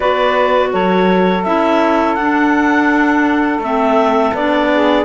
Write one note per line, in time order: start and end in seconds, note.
0.00 0.73 B3
0.00 1.43 F#4
0.00 0.68 B4
0.00 0.71 D5
0.72 1.45 F#3
0.72 4.69 A4
0.72 1.43 C#5
1.43 2.16 C#4
1.43 2.18 E4
1.43 2.14 E5
2.14 3.58 D4
2.14 3.62 D4
2.14 3.59 F#5
3.58 4.31 A3
3.58 4.35 C4
3.58 4.35 E5
4.33 5.04 B3
4.33 5.04 D4
4.33 5.04 D5
4.73 5.04 G#4